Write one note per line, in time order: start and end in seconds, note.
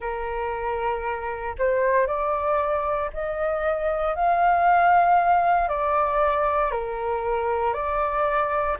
0.00 1.55 A#4
1.58 2.06 C5
2.06 3.10 D5
3.13 4.15 D#5
4.15 5.68 F5
5.68 6.71 D5
6.71 7.73 A#4
7.73 8.76 D5